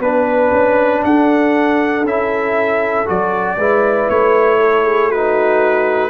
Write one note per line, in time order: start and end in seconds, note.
0.00 0.51 B3
0.00 2.06 D4
0.00 1.04 B4
0.53 1.03 C#4
1.04 2.04 D4
1.04 3.58 A4
1.04 2.06 F#5
2.04 3.06 C#4
2.04 3.06 E4
2.04 3.09 E5
3.06 3.58 F#3
3.06 3.57 F#4
3.06 4.10 D5
3.58 4.08 G#3
3.58 5.13 E4
3.58 4.59 B4
4.10 6.11 A3
4.10 5.12 C#5
4.60 4.85 A4
4.85 5.10 G#4
5.10 6.11 D#4
5.10 6.11 F#4
5.10 6.11 B4